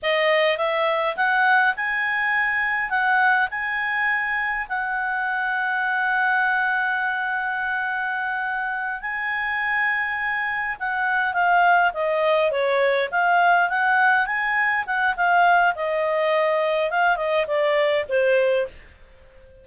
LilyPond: \new Staff \with { instrumentName = "clarinet" } { \time 4/4 \tempo 4 = 103 dis''4 e''4 fis''4 gis''4~ | gis''4 fis''4 gis''2 | fis''1~ | fis''2.~ fis''8 gis''8~ |
gis''2~ gis''8 fis''4 f''8~ | f''8 dis''4 cis''4 f''4 fis''8~ | fis''8 gis''4 fis''8 f''4 dis''4~ | dis''4 f''8 dis''8 d''4 c''4 | }